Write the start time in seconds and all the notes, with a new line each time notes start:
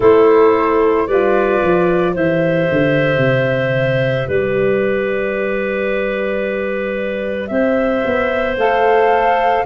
0.00 A3 E4 A4 C5
1.07 G3 F4 B4 D5
1.62 F3
2.13 E3 G4 C5 E5
2.71 D3
3.17 C3
4.27 G3 B4 D5
7.47 C4 C5 E5
8.05 B3
8.56 A3 A4 F5